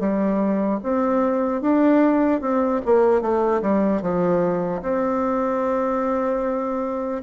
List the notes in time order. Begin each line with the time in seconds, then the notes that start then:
0.00 G3
0.83 C4
1.61 D4
2.41 C4
2.85 A#3
3.21 A3
3.62 G3
4.02 F3
4.82 C4